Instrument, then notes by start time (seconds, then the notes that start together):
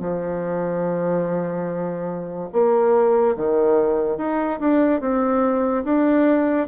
bassoon
0.00 F3
2.53 A#3
3.36 D#3
4.18 D#4
4.60 D4
5.01 C4
5.84 D4